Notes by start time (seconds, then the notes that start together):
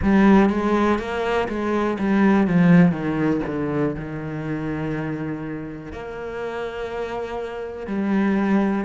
0.02 G3
0.49 G#3
0.98 A#3
1.48 G#3
1.99 G3
2.47 F3
2.91 D#3
3.46 D3
3.95 D#3
5.92 A#3
7.86 G3